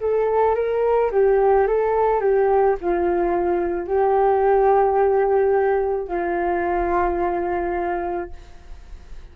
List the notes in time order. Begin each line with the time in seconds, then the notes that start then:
0.00 A4
0.55 A#4
1.11 G4
1.67 A4
2.21 G4
2.80 F4
3.87 G4
6.08 F4